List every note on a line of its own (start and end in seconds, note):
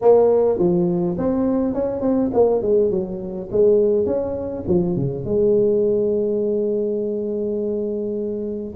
0.01 0.58 A#3
0.58 1.17 F3
1.18 1.74 C4
1.74 2.01 C#4
2.01 2.30 C4
2.33 2.62 A#3
2.62 2.90 G#3
2.90 3.48 F#3
3.51 4.05 G#3
4.05 4.64 C#4
4.67 4.95 F3
4.95 5.24 C#3
5.24 8.74 G#3